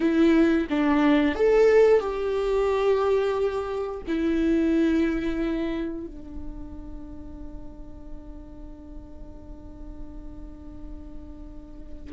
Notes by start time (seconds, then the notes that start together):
0.00 E4
0.69 D4
1.35 A4
1.99 G4
4.07 E4
6.06 D4